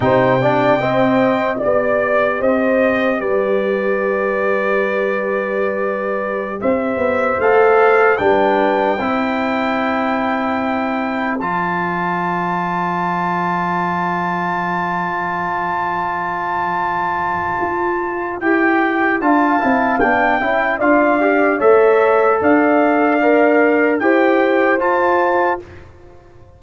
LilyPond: <<
  \new Staff \with { instrumentName = "trumpet" } { \time 4/4 \tempo 4 = 75 g''2 d''4 dis''4 | d''1~ | d''16 e''4 f''4 g''4.~ g''16~ | g''2~ g''16 a''4.~ a''16~ |
a''1~ | a''2. g''4 | a''4 g''4 f''4 e''4 | f''2 g''4 a''4 | }
  \new Staff \with { instrumentName = "horn" } { \time 4/4 c''8 d''8 dis''4 d''4 c''4 | b'1~ | b'16 c''2 b'4 c''8.~ | c''1~ |
c''1~ | c''1 | f''4. e''8 d''4 cis''4 | d''2 c''2 | }
  \new Staff \with { instrumentName = "trombone" } { \time 4/4 dis'8 d'8 c'4 g'2~ | g'1~ | g'4~ g'16 a'4 d'4 e'8.~ | e'2~ e'16 f'4.~ f'16~ |
f'1~ | f'2. g'4 | f'8 e'8 d'8 e'8 f'8 g'8 a'4~ | a'4 ais'4 g'4 f'4 | }
  \new Staff \with { instrumentName = "tuba" } { \time 4/4 c4 c'4 b4 c'4 | g1~ | g16 c'8 b8 a4 g4 c'8.~ | c'2~ c'16 f4.~ f16~ |
f1~ | f2 f'4 e'4 | d'8 c'8 b8 cis'8 d'4 a4 | d'2 e'4 f'4 | }
>>